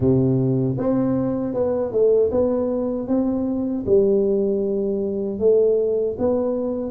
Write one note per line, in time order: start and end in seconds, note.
0.00 0.77 C3
0.77 1.54 C4
1.54 1.92 B3
1.92 2.30 A3
2.31 3.07 B3
3.07 3.84 C4
3.86 5.39 G3
5.39 6.16 A3
6.18 6.91 B3